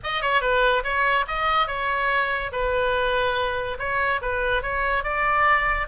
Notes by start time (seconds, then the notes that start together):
0.03 D#5
0.21 C#5
0.41 B4
0.83 C#5
1.27 D#5
1.67 C#5
2.52 B4
3.78 C#5
4.21 B4
4.62 C#5
5.03 D5